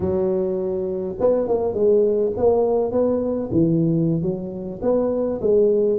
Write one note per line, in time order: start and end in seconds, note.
0.00 1.15 F#3
1.19 1.47 B3
1.47 1.73 A#3
1.73 2.32 G#3
2.36 2.91 A#3
2.91 3.50 B3
3.51 4.22 E3
4.22 4.80 F#3
4.82 5.40 B3
5.41 5.98 G#3